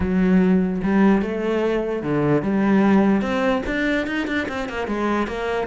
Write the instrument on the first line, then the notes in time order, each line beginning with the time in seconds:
cello
0.00 F#3
0.83 G3
1.22 A3
2.02 D3
2.42 G3
3.21 C4
3.66 D4
4.06 D#4
4.27 D4
4.48 C4
4.68 A#3
4.87 G#3
5.27 A#3